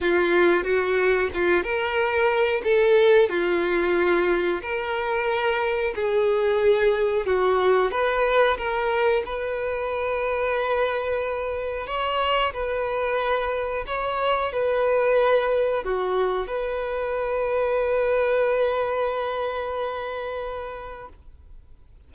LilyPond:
\new Staff \with { instrumentName = "violin" } { \time 4/4 \tempo 4 = 91 f'4 fis'4 f'8 ais'4. | a'4 f'2 ais'4~ | ais'4 gis'2 fis'4 | b'4 ais'4 b'2~ |
b'2 cis''4 b'4~ | b'4 cis''4 b'2 | fis'4 b'2.~ | b'1 | }